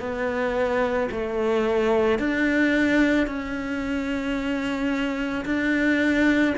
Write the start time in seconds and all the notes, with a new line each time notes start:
0.00 B3
1.12 A3
2.19 D4
3.27 C#4
5.45 D4